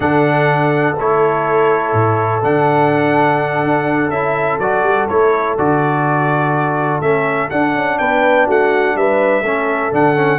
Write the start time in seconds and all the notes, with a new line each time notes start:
0.00 D3 D4 A4 F#5
0.98 A3 E4 C#5
1.92 A2
2.42 D3 D4 F#5
3.63 D4
4.09 C#4 E4 E5
4.58 F#3 F#4 D5
4.82 G3
5.08 A3 E4 C#5
5.58 D3 F#4 D5
7.00 A3 C#4 E5
7.50 D4 F#5
7.75 C#4
7.98 B3 B4 G5
8.47 A3 F#4 F#5
8.95 G3 B4 E5
9.42 A3 C#4 A4
9.91 D3 D4 F#5
10.15 C#4